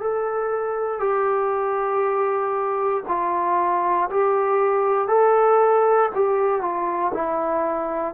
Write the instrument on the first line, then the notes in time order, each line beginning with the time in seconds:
trombone
0.00 A4
1.00 G4
3.08 F4
4.10 G4
5.08 A4
6.15 G4
6.61 F4
7.14 E4